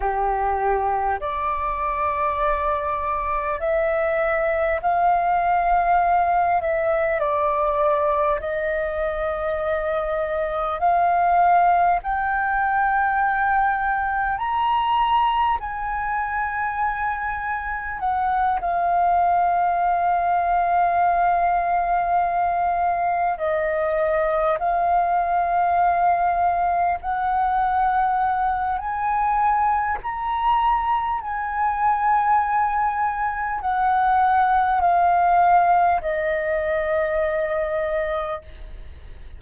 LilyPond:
\new Staff \with { instrumentName = "flute" } { \time 4/4 \tempo 4 = 50 g'4 d''2 e''4 | f''4. e''8 d''4 dis''4~ | dis''4 f''4 g''2 | ais''4 gis''2 fis''8 f''8~ |
f''2.~ f''8 dis''8~ | dis''8 f''2 fis''4. | gis''4 ais''4 gis''2 | fis''4 f''4 dis''2 | }